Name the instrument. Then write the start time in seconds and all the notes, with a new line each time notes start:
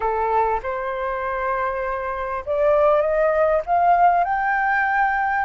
flute
0.00 A4
0.62 C5
2.45 D5
3.01 D#5
3.66 F5
4.24 G5